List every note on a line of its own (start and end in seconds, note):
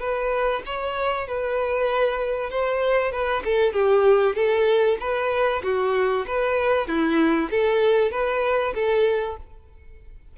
0.00 0.62 B4
0.66 1.28 C#5
1.28 2.50 B4
2.50 3.12 C5
3.12 3.43 B4
3.45 3.73 A4
3.73 4.36 G4
4.36 4.98 A4
5.00 5.62 B4
5.64 6.26 F#4
6.27 6.88 B4
6.88 7.50 E4
7.51 8.12 A4
8.12 8.74 B4
8.75 9.38 A4